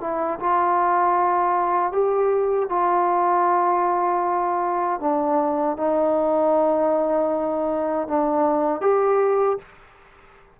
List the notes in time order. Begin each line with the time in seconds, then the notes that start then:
0.00 E4
0.39 F4
1.92 G4
2.69 F4
5.00 D4
5.77 D#4
8.07 D4
8.81 G4